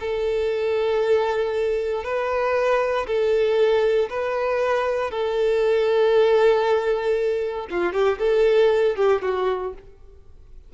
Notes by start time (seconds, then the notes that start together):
0.00 A4
2.04 B4
3.07 A4
4.09 B4
5.11 A4
7.71 F4
7.93 G4
8.19 A4
8.96 G4
9.22 F#4